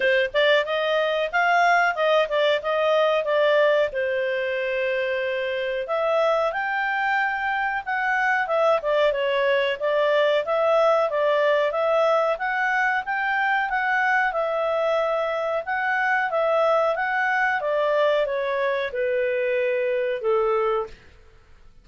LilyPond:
\new Staff \with { instrumentName = "clarinet" } { \time 4/4 \tempo 4 = 92 c''8 d''8 dis''4 f''4 dis''8 d''8 | dis''4 d''4 c''2~ | c''4 e''4 g''2 | fis''4 e''8 d''8 cis''4 d''4 |
e''4 d''4 e''4 fis''4 | g''4 fis''4 e''2 | fis''4 e''4 fis''4 d''4 | cis''4 b'2 a'4 | }